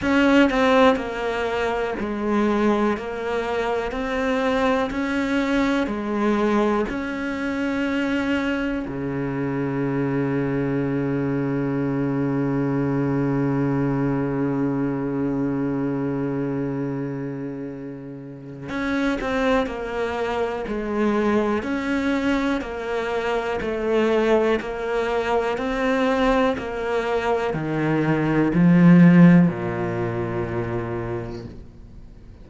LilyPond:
\new Staff \with { instrumentName = "cello" } { \time 4/4 \tempo 4 = 61 cis'8 c'8 ais4 gis4 ais4 | c'4 cis'4 gis4 cis'4~ | cis'4 cis2.~ | cis1~ |
cis2. cis'8 c'8 | ais4 gis4 cis'4 ais4 | a4 ais4 c'4 ais4 | dis4 f4 ais,2 | }